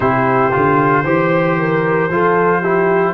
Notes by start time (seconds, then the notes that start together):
0.00 C3 E4 G4 C5
0.52 D3 F4
1.04 E3 G4 C5
1.59 A#4
2.09 F3 F4 A4
2.60 E4 G4